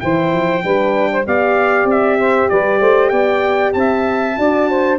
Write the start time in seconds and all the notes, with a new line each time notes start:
0.00 E3 E4 C5 G5
0.33 F3
0.63 G3 D4 B4
1.12 C5
1.25 B3 G4 D5 F5
1.85 C4
1.91 E5
2.19 C5
2.50 G3 B4 D5
2.80 A3 C5
3.09 B3 D5 G5
3.74 C4 E5 A5
4.36 D4 F#4 D5
4.70 C5